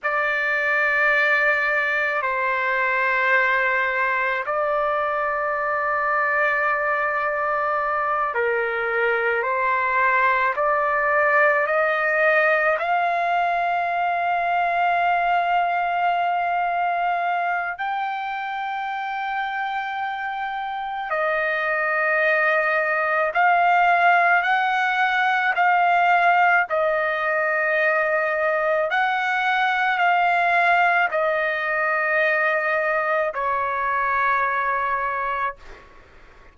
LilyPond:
\new Staff \with { instrumentName = "trumpet" } { \time 4/4 \tempo 4 = 54 d''2 c''2 | d''2.~ d''8 ais'8~ | ais'8 c''4 d''4 dis''4 f''8~ | f''1 |
g''2. dis''4~ | dis''4 f''4 fis''4 f''4 | dis''2 fis''4 f''4 | dis''2 cis''2 | }